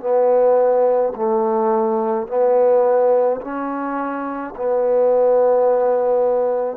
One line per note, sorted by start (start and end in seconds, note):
0.00 1.13 B3
1.15 2.27 A3
2.27 3.40 B3
3.41 4.54 C#4
4.56 6.77 B3